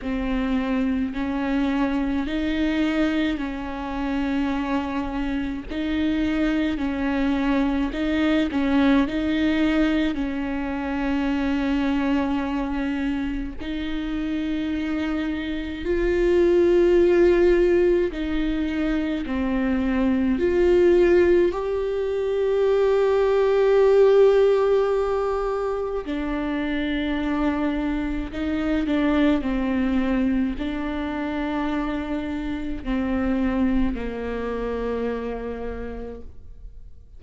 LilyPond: \new Staff \with { instrumentName = "viola" } { \time 4/4 \tempo 4 = 53 c'4 cis'4 dis'4 cis'4~ | cis'4 dis'4 cis'4 dis'8 cis'8 | dis'4 cis'2. | dis'2 f'2 |
dis'4 c'4 f'4 g'4~ | g'2. d'4~ | d'4 dis'8 d'8 c'4 d'4~ | d'4 c'4 ais2 | }